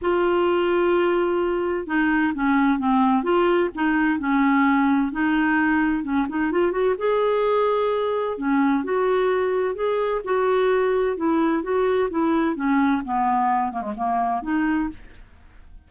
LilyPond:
\new Staff \with { instrumentName = "clarinet" } { \time 4/4 \tempo 4 = 129 f'1 | dis'4 cis'4 c'4 f'4 | dis'4 cis'2 dis'4~ | dis'4 cis'8 dis'8 f'8 fis'8 gis'4~ |
gis'2 cis'4 fis'4~ | fis'4 gis'4 fis'2 | e'4 fis'4 e'4 cis'4 | b4. ais16 gis16 ais4 dis'4 | }